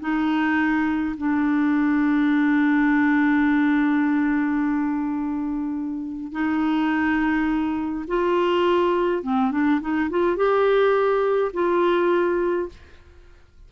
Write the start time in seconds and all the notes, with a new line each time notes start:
0.00 D#4
1.17 D4
6.32 D#4
8.07 F4
9.23 C4
9.51 D4
9.81 D#4
10.10 F4
10.36 G4
11.53 F4